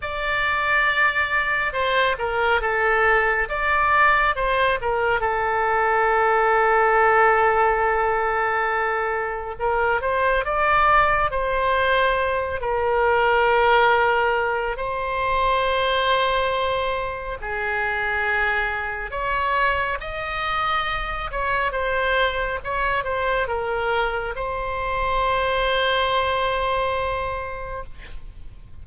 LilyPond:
\new Staff \with { instrumentName = "oboe" } { \time 4/4 \tempo 4 = 69 d''2 c''8 ais'8 a'4 | d''4 c''8 ais'8 a'2~ | a'2. ais'8 c''8 | d''4 c''4. ais'4.~ |
ais'4 c''2. | gis'2 cis''4 dis''4~ | dis''8 cis''8 c''4 cis''8 c''8 ais'4 | c''1 | }